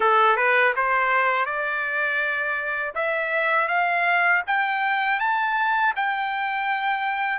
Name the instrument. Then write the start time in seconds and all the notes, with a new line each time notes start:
trumpet
0.00 A4
0.36 B4
0.76 C5
1.45 D5
2.95 E5
3.68 F5
4.46 G5
5.19 A5
5.96 G5